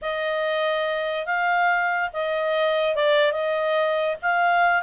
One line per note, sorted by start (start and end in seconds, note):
0.01 1.25 D#5
1.25 2.09 F5
2.13 2.95 D#5
2.95 3.32 D5
3.32 4.16 D#5
4.21 4.82 F5